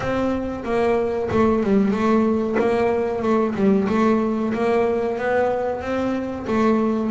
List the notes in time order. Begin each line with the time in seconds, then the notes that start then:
0.00 C4
0.64 A#3
1.31 A3
1.63 G3
1.91 A3
2.59 A#3
3.22 A3
3.55 G3
3.88 A3
4.53 A#3
5.18 B3
5.81 C4
6.47 A3